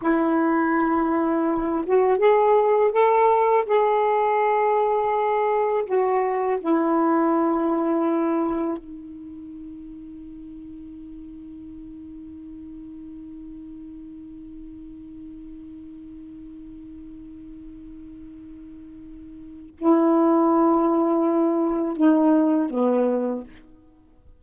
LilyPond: \new Staff \with { instrumentName = "saxophone" } { \time 4/4 \tempo 4 = 82 e'2~ e'8 fis'8 gis'4 | a'4 gis'2. | fis'4 e'2. | dis'1~ |
dis'1~ | dis'1~ | dis'2. e'4~ | e'2 dis'4 b4 | }